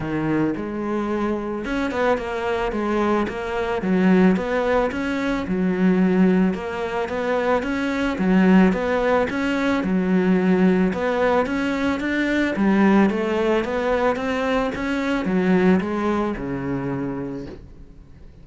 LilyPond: \new Staff \with { instrumentName = "cello" } { \time 4/4 \tempo 4 = 110 dis4 gis2 cis'8 b8 | ais4 gis4 ais4 fis4 | b4 cis'4 fis2 | ais4 b4 cis'4 fis4 |
b4 cis'4 fis2 | b4 cis'4 d'4 g4 | a4 b4 c'4 cis'4 | fis4 gis4 cis2 | }